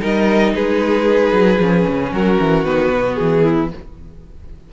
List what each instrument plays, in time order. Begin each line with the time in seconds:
0.00 cello G3, viola D#4, violin A#4 D#5
0.54 cello G#3, violin G#4 B4
1.32 cello F#3
1.59 cello F3, viola C#4
1.88 cello C#3
2.12 cello F#3, violin F#4 A#4
2.40 cello E3
2.64 cello D#3, viola B3, violin B4
2.91 cello B2
3.14 cello E3, violin G#4
3.43 violin E4